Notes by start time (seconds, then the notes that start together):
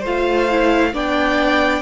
0.00 A3 F4 C5 F5
0.50 E4
0.93 B3 D4 D5 G5